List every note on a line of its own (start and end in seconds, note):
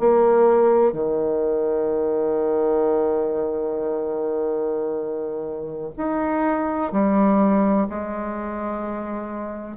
0.00 0.93 A#3
0.93 5.93 D#3
5.97 6.92 D#4
6.92 7.87 G3
7.89 9.77 G#3